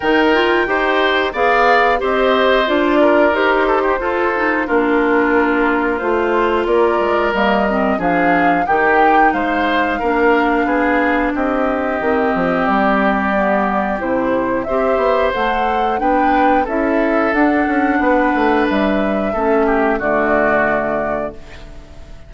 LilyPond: <<
  \new Staff \with { instrumentName = "flute" } { \time 4/4 \tempo 4 = 90 g''2 f''4 dis''4 | d''4 c''2 ais'4~ | ais'4 c''4 d''4 dis''4 | f''4 g''4 f''2~ |
f''4 dis''2 d''4~ | d''4 c''4 e''4 fis''4 | g''4 e''4 fis''2 | e''2 d''2 | }
  \new Staff \with { instrumentName = "oboe" } { \time 4/4 ais'4 c''4 d''4 c''4~ | c''8 ais'4 a'16 g'16 a'4 f'4~ | f'2 ais'2 | gis'4 g'4 c''4 ais'4 |
gis'4 g'2.~ | g'2 c''2 | b'4 a'2 b'4~ | b'4 a'8 g'8 fis'2 | }
  \new Staff \with { instrumentName = "clarinet" } { \time 4/4 dis'8 f'8 g'4 gis'4 g'4 | f'4 g'4 f'8 dis'8 d'4~ | d'4 f'2 ais8 c'8 | d'4 dis'2 d'4~ |
d'2 c'2 | b4 e'4 g'4 a'4 | d'4 e'4 d'2~ | d'4 cis'4 a2 | }
  \new Staff \with { instrumentName = "bassoon" } { \time 4/4 dis4 dis'4 b4 c'4 | d'4 dis'4 f'4 ais4~ | ais4 a4 ais8 gis8 g4 | f4 dis4 gis4 ais4 |
b4 c'4 dis8 f8 g4~ | g4 c4 c'8 b8 a4 | b4 cis'4 d'8 cis'8 b8 a8 | g4 a4 d2 | }
>>